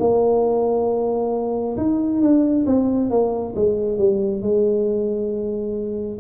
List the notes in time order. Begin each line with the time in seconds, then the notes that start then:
0.00 A#3
1.77 D#4
2.22 D4
2.66 C4
3.10 A#3
3.56 G#3
3.98 G3
4.42 G#3